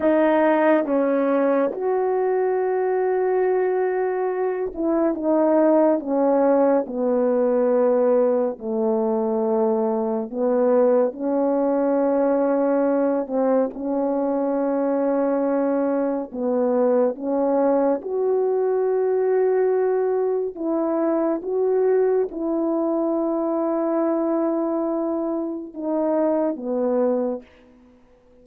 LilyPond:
\new Staff \with { instrumentName = "horn" } { \time 4/4 \tempo 4 = 70 dis'4 cis'4 fis'2~ | fis'4. e'8 dis'4 cis'4 | b2 a2 | b4 cis'2~ cis'8 c'8 |
cis'2. b4 | cis'4 fis'2. | e'4 fis'4 e'2~ | e'2 dis'4 b4 | }